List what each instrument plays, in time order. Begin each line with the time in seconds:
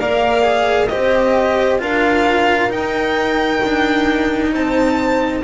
0.00 double bass A#3, cello A#4, horn D5, violin F5
0.42 cello G#4
0.88 cello G4, horn C5, violin D#5
0.94 double bass C4
1.79 double bass D4, cello F4, horn A#4, violin F5
2.70 cello D#4, double bass D#4, violin G5
3.64 double bass D4
4.52 double bass C4, horn C5, violin A5